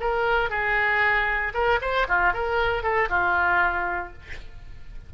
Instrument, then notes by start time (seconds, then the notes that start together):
oboe
0.00 A#4
0.50 G#4
1.54 A#4
1.81 C5
2.08 F4
2.33 A#4
2.83 A4
3.09 F4